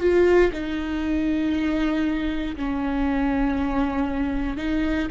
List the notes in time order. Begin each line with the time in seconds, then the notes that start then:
0.00 F4
0.53 D#4
2.56 C#4
4.57 D#4